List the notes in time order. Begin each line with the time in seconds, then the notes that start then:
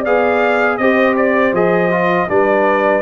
0.00 D5 F5
0.06 B3 G#4
0.78 C4 G4 C5 D#5
1.17 D5
1.53 F3 G#4 D#5
1.91 F4
2.29 G3 D4 B4 D5